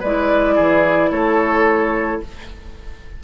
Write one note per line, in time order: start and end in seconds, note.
0.00 0.58 G#3
0.00 2.24 E4
0.00 0.55 B4
0.00 1.11 D5
0.55 1.11 E3
0.55 1.10 G#4
1.11 2.20 A3
1.11 2.21 A4
1.11 2.20 C#5